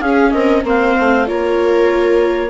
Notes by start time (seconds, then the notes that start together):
0.00 C#4 G#4 F5
0.31 C4 A#4 D#5
0.63 A#3 C4 C5 F5
0.99 A3
1.25 A#3 F4 A#4 C#5